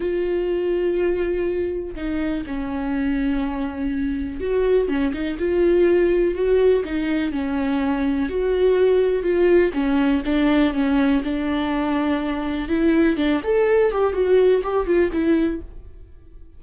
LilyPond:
\new Staff \with { instrumentName = "viola" } { \time 4/4 \tempo 4 = 123 f'1 | dis'4 cis'2.~ | cis'4 fis'4 cis'8 dis'8 f'4~ | f'4 fis'4 dis'4 cis'4~ |
cis'4 fis'2 f'4 | cis'4 d'4 cis'4 d'4~ | d'2 e'4 d'8 a'8~ | a'8 g'8 fis'4 g'8 f'8 e'4 | }